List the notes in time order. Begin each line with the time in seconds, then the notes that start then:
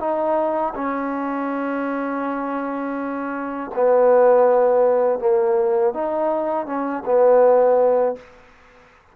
0.00 D#4
0.75 C#4
3.75 B3
5.20 A#3
5.94 D#4
6.66 C#4
7.05 B3